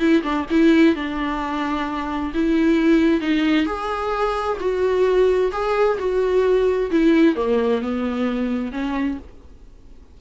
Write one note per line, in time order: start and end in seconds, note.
0.00 0.23 E4
0.23 0.46 D4
0.51 0.96 E4
0.96 2.33 D4
2.35 3.21 E4
3.21 3.67 D#4
3.67 4.58 G#4
4.61 5.52 F#4
5.53 5.98 G#4
5.99 6.91 F#4
6.91 7.36 E4
7.36 7.82 A#3
7.82 8.73 B3
8.73 9.19 C#4